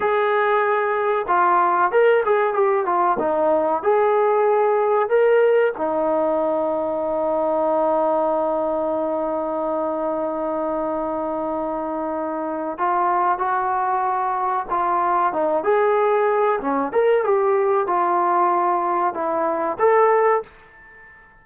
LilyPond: \new Staff \with { instrumentName = "trombone" } { \time 4/4 \tempo 4 = 94 gis'2 f'4 ais'8 gis'8 | g'8 f'8 dis'4 gis'2 | ais'4 dis'2.~ | dis'1~ |
dis'1 | f'4 fis'2 f'4 | dis'8 gis'4. cis'8 ais'8 g'4 | f'2 e'4 a'4 | }